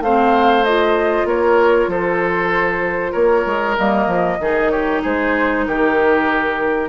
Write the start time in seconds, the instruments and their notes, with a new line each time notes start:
0.00 bassoon A3, clarinet C4, oboe C5, flute F5
0.64 clarinet F4, flute D#5
1.24 bassoon A#3, oboe A#4, flute C#5
1.87 bassoon F3, oboe A4, flute C5
3.12 bassoon A#3, oboe A#4, flute C#5
3.45 bassoon G#3
3.77 bassoon G3, clarinet A#3, flute D#5
4.06 bassoon F3
4.39 bassoon D#3, clarinet D#4, oboe G#4
4.70 oboe G4, flute C#5
5.02 bassoon G#3, oboe G#4, flute C5
5.66 bassoon D#3, oboe G4, flute A#4